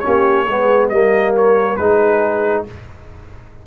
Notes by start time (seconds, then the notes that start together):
0.00 C#4 G4 C#5
0.07 A#3
0.46 G#3 B3 G#4
0.90 G3 A#3 A#4 D#5
1.37 C#5
1.77 G#3 D#4 G#4 B4